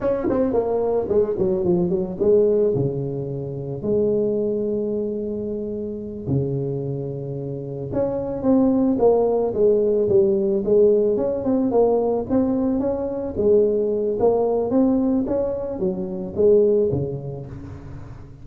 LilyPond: \new Staff \with { instrumentName = "tuba" } { \time 4/4 \tempo 4 = 110 cis'8 c'8 ais4 gis8 fis8 f8 fis8 | gis4 cis2 gis4~ | gis2.~ gis8 cis8~ | cis2~ cis8 cis'4 c'8~ |
c'8 ais4 gis4 g4 gis8~ | gis8 cis'8 c'8 ais4 c'4 cis'8~ | cis'8 gis4. ais4 c'4 | cis'4 fis4 gis4 cis4 | }